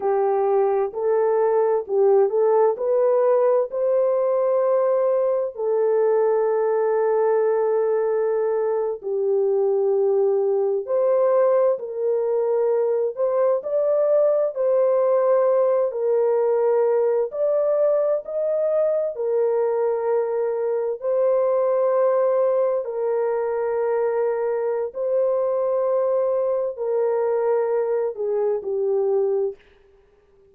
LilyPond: \new Staff \with { instrumentName = "horn" } { \time 4/4 \tempo 4 = 65 g'4 a'4 g'8 a'8 b'4 | c''2 a'2~ | a'4.~ a'16 g'2 c''16~ | c''8. ais'4. c''8 d''4 c''16~ |
c''4~ c''16 ais'4. d''4 dis''16~ | dis''8. ais'2 c''4~ c''16~ | c''8. ais'2~ ais'16 c''4~ | c''4 ais'4. gis'8 g'4 | }